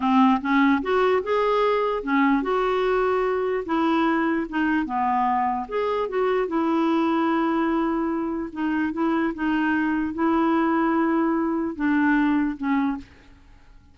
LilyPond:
\new Staff \with { instrumentName = "clarinet" } { \time 4/4 \tempo 4 = 148 c'4 cis'4 fis'4 gis'4~ | gis'4 cis'4 fis'2~ | fis'4 e'2 dis'4 | b2 gis'4 fis'4 |
e'1~ | e'4 dis'4 e'4 dis'4~ | dis'4 e'2.~ | e'4 d'2 cis'4 | }